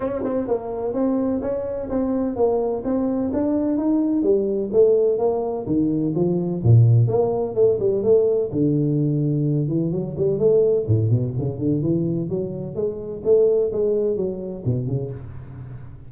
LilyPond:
\new Staff \with { instrumentName = "tuba" } { \time 4/4 \tempo 4 = 127 cis'8 c'8 ais4 c'4 cis'4 | c'4 ais4 c'4 d'4 | dis'4 g4 a4 ais4 | dis4 f4 ais,4 ais4 |
a8 g8 a4 d2~ | d8 e8 fis8 g8 a4 a,8 b,8 | cis8 d8 e4 fis4 gis4 | a4 gis4 fis4 b,8 cis8 | }